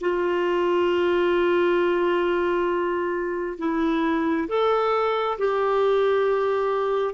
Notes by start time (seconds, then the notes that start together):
0.00 F4
3.58 E4
4.48 A4
5.38 G4